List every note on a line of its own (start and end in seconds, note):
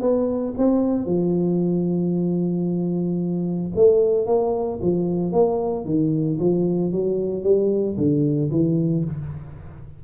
0.00 0.53 B3
0.57 1.05 C4
1.05 3.71 F3
3.75 4.26 A3
4.26 4.79 A#3
4.81 5.32 F3
5.32 5.85 A#3
5.85 6.38 D#3
6.39 6.91 F3
6.91 7.43 F#3
7.43 7.96 G3
7.97 8.50 D3
8.51 9.04 E3